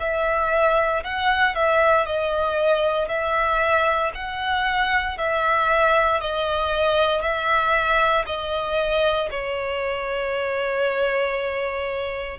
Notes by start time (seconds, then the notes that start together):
0.00 E5
1.04 F#5
1.56 E5
2.06 D#5
3.08 E5
4.15 F#5
5.18 E5
6.21 D#5
7.22 E5
8.26 D#5
9.31 C#5